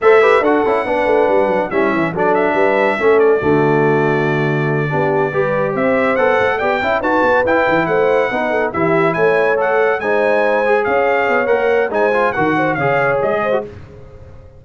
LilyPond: <<
  \new Staff \with { instrumentName = "trumpet" } { \time 4/4 \tempo 4 = 141 e''4 fis''2. | e''4 d''8 e''2 d''8~ | d''1~ | d''4. e''4 fis''4 g''8~ |
g''8 a''4 g''4 fis''4.~ | fis''8 e''4 gis''4 fis''4 gis''8~ | gis''4. f''4. fis''4 | gis''4 fis''4 f''4 dis''4 | }
  \new Staff \with { instrumentName = "horn" } { \time 4/4 c''8 b'8 a'4 b'2 | e'4 a'4 b'4 a'4 | fis'2.~ fis'8 g'8~ | g'8 b'4 c''2 d''8 |
e''8 b'2 c''4 b'8 | a'8 g'4 cis''2 c''8~ | c''4. cis''2~ cis''8 | c''4 ais'8 c''8 cis''4. c''8 | }
  \new Staff \with { instrumentName = "trombone" } { \time 4/4 a'8 g'8 fis'8 e'8 d'2 | cis'4 d'2 cis'4 | a2.~ a8 d'8~ | d'8 g'2 a'4 g'8 |
e'8 fis'4 e'2 dis'8~ | dis'8 e'2 a'4 dis'8~ | dis'4 gis'2 ais'4 | dis'8 f'8 fis'4 gis'4.~ gis'16 fis'16 | }
  \new Staff \with { instrumentName = "tuba" } { \time 4/4 a4 d'8 cis'8 b8 a8 g8 fis8 | g8 e8 fis4 g4 a4 | d2.~ d8 b8~ | b8 g4 c'4 b8 a8 b8 |
cis'8 dis'8 b8 e'8 e8 a4 b8~ | b8 e4 a2 gis8~ | gis4. cis'4 b8 ais4 | gis4 dis4 cis4 gis4 | }
>>